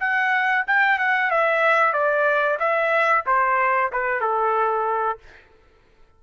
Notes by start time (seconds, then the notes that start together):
0.00 F#5
0.67 G5
0.99 F#5
1.31 E5
1.93 D5
2.60 E5
3.27 C5
3.92 B4
4.21 A4